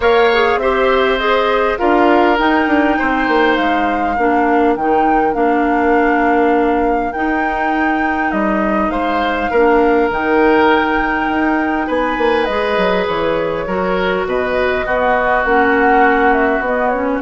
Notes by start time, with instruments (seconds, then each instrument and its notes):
0.00 bassoon A#3, clarinet A#4, oboe C#5, flute F5
0.33 clarinet G#4
0.56 bassoon C4, clarinet G4, oboe C5, flute E5
1.18 clarinet G#4, flute D#5
1.77 bassoon D4, clarinet F4, oboe A#4, flute F5
2.37 clarinet D#4, bassoon D#4, flute G5
2.67 bassoon D4
2.98 bassoon C4, oboe C5
3.27 bassoon A#3
3.56 bassoon G#3, flute F5
4.15 bassoon A#3, clarinet D4, oboe A#4
4.75 bassoon D#3, clarinet D#4, flute G5
5.33 bassoon A#3, clarinet D4, flute F5
7.12 bassoon D#4, clarinet D#4, flute G5
8.31 bassoon G3, flute D#5
8.89 bassoon G#3, oboe C5, flute F5
9.50 bassoon A#3, clarinet D4, oboe A#4
10.10 bassoon D#3, clarinet D#4, flute G5
11.28 bassoon D#4
11.86 bassoon B3, oboe B4, flute G#5
12.17 bassoon A#3
12.44 bassoon G#3, clarinet G#4, flute D#5
12.77 bassoon F#3
13.07 bassoon E3, flute C#5
13.67 bassoon F#3, clarinet F#4, oboe A#4
14.25 bassoon B2, oboe B4, flute D#5
14.85 bassoon B3, clarinet B3, oboe F#4
15.44 bassoon A#3, clarinet C#4, flute F#5
16.33 flute E5
16.59 bassoon B3
16.65 clarinet B3, flute D#5
16.88 clarinet C#4, flute C#5